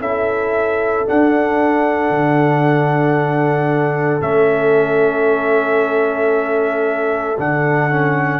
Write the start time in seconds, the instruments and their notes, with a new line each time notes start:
0.00 tuba C#4, trombone E4, horn A4, trumpet E5
1.06 trombone D4, tuba D4, trumpet F#5
2.10 tuba D3
4.21 tuba A3, trombone C#4, trumpet E5
7.39 tuba D3, trombone D4, trumpet F#5
7.90 trombone C#4